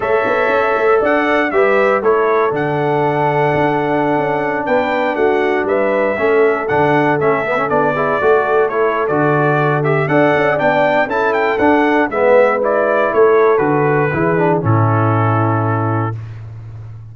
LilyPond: <<
  \new Staff \with { instrumentName = "trumpet" } { \time 4/4 \tempo 4 = 119 e''2 fis''4 e''4 | cis''4 fis''2.~ | fis''4~ fis''16 g''4 fis''4 e''8.~ | e''4~ e''16 fis''4 e''4 d''8.~ |
d''4~ d''16 cis''8. d''4. e''8 | fis''4 g''4 a''8 g''8 fis''4 | e''4 d''4 cis''4 b'4~ | b'4 a'2. | }
  \new Staff \with { instrumentName = "horn" } { \time 4/4 cis''2 d''4 b'4 | a'1~ | a'4~ a'16 b'4 fis'4 b'8.~ | b'16 a'2.~ a'8 gis'16~ |
gis'16 a'2.~ a'8. | d''2 a'2 | b'2 a'2 | gis'4 e'2. | }
  \new Staff \with { instrumentName = "trombone" } { \time 4/4 a'2. g'4 | e'4 d'2.~ | d'1~ | d'16 cis'4 d'4 cis'8 b16 cis'16 d'8 e'16~ |
e'16 fis'4 e'8. fis'4. g'8 | a'4 d'4 e'4 d'4 | b4 e'2 fis'4 | e'8 d'8 cis'2. | }
  \new Staff \with { instrumentName = "tuba" } { \time 4/4 a8 b8 cis'8 a8 d'4 g4 | a4 d2 d'4~ | d'16 cis'4 b4 a4 g8.~ | g16 a4 d4 a4 b8.~ |
b16 a4.~ a16 d2 | d'8 cis'8 b4 cis'4 d'4 | gis2 a4 d4 | e4 a,2. | }
>>